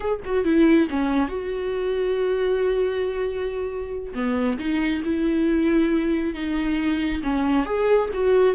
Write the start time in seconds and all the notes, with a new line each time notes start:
0.00 G#4
0.24 F#4
0.44 E4
0.90 C#4
1.28 F#4
4.14 B3
4.58 D#4
5.04 E4
6.34 D#4
7.23 C#4
7.65 G#4
8.13 F#4